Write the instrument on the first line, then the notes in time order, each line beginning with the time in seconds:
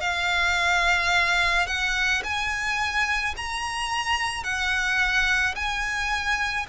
violin
0.00 F5
1.67 F#5
2.23 G#5
3.36 A#5
4.43 F#5
5.55 G#5